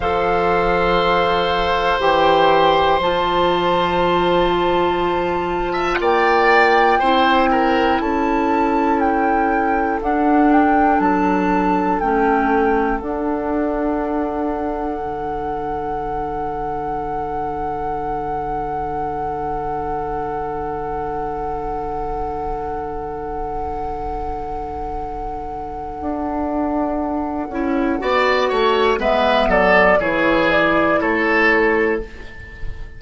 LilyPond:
<<
  \new Staff \with { instrumentName = "flute" } { \time 4/4 \tempo 4 = 60 f''2 g''4 a''4~ | a''2 g''2 | a''4 g''4 fis''8 g''8 a''4 | g''4 fis''2.~ |
fis''1~ | fis''1~ | fis''1~ | fis''4 e''8 d''8 cis''8 d''8 cis''4 | }
  \new Staff \with { instrumentName = "oboe" } { \time 4/4 c''1~ | c''4.~ c''16 e''16 d''4 c''8 ais'8 | a'1~ | a'1~ |
a'1~ | a'1~ | a'1 | d''8 cis''8 b'8 a'8 gis'4 a'4 | }
  \new Staff \with { instrumentName = "clarinet" } { \time 4/4 a'2 g'4 f'4~ | f'2. e'4~ | e'2 d'2 | cis'4 d'2.~ |
d'1~ | d'1~ | d'2.~ d'8 e'8 | fis'4 b4 e'2 | }
  \new Staff \with { instrumentName = "bassoon" } { \time 4/4 f2 e4 f4~ | f2 ais4 c'4 | cis'2 d'4 fis4 | a4 d'2 d4~ |
d1~ | d1~ | d2 d'4. cis'8 | b8 a8 gis8 fis8 e4 a4 | }
>>